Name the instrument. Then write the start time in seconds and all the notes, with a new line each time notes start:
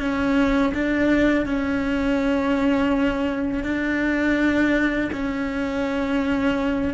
cello
0.00 C#4
0.74 D4
1.46 C#4
3.64 D4
5.13 C#4